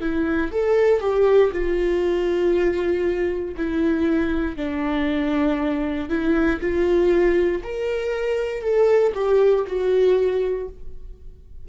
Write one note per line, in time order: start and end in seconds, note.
0.00 0.51 E4
0.51 1.00 A4
1.00 1.51 G4
1.52 3.55 F4
3.56 4.56 E4
4.56 6.09 D4
6.09 6.60 E4
6.60 7.62 F4
7.63 8.61 A#4
8.61 9.12 A4
9.14 9.65 G4
9.67 10.68 F#4